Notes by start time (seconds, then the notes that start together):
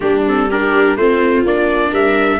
0.00 G3 A#3 D4 G4
0.27 C4 A4
0.50 D4 G4 A#4
0.95 A3 C4 F4 C5
1.45 A#3 D4 D5
1.90 G3 A#4 E5